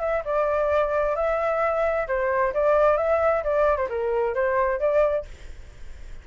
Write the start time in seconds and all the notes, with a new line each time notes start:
0.00 E5
0.25 D5
1.16 E5
2.07 C5
2.53 D5
2.97 E5
3.44 D5
3.76 C5
3.89 A#4
4.34 C5
4.79 D5